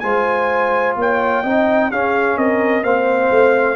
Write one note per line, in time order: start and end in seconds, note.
0.00 0.96 G#3
0.00 1.44 F4
0.00 0.98 C5
0.00 0.94 G#5
0.96 1.43 A#3
0.96 1.43 C#5
0.96 1.91 G5
1.43 1.91 C4
1.43 1.92 D#4
1.43 1.90 D#5
1.91 2.37 C#4
1.91 2.83 C#4
1.91 2.38 G#4
1.91 2.38 F5
2.37 2.83 C4
2.37 2.83 A#4
2.37 2.84 D#5
2.83 3.30 A#3
2.83 3.76 C4
2.83 3.76 C5
2.83 3.76 F5
3.31 3.76 A3